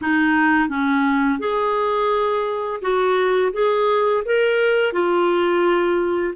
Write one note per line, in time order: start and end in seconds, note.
0.01 0.68 D#4
0.68 1.39 C#4
1.39 2.80 G#4
2.81 3.52 F#4
3.53 4.23 G#4
4.25 4.92 A#4
4.92 6.33 F4